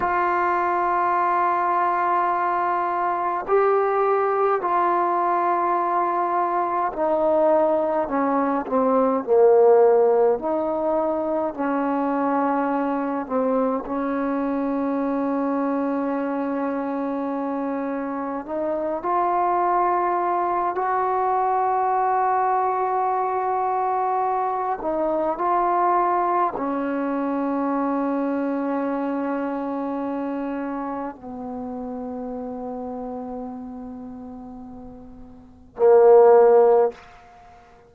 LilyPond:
\new Staff \with { instrumentName = "trombone" } { \time 4/4 \tempo 4 = 52 f'2. g'4 | f'2 dis'4 cis'8 c'8 | ais4 dis'4 cis'4. c'8 | cis'1 |
dis'8 f'4. fis'2~ | fis'4. dis'8 f'4 cis'4~ | cis'2. b4~ | b2. ais4 | }